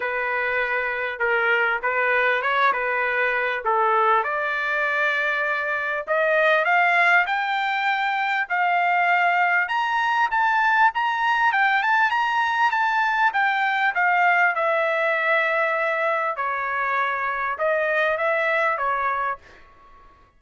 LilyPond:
\new Staff \with { instrumentName = "trumpet" } { \time 4/4 \tempo 4 = 99 b'2 ais'4 b'4 | cis''8 b'4. a'4 d''4~ | d''2 dis''4 f''4 | g''2 f''2 |
ais''4 a''4 ais''4 g''8 a''8 | ais''4 a''4 g''4 f''4 | e''2. cis''4~ | cis''4 dis''4 e''4 cis''4 | }